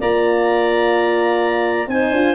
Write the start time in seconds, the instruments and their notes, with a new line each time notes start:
0.00 tuba A#3, horn F4, clarinet D5, trumpet A#5
1.87 tuba C4, horn D#4, clarinet C5, trumpet G#5
2.11 tuba D4, horn F4